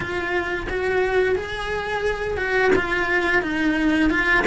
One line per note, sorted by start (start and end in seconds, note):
0.00 0.67 F4
0.69 1.35 F#4
1.35 2.37 G#4
2.37 2.71 F#4
2.75 3.42 F4
3.42 4.10 D#4
4.10 4.44 F4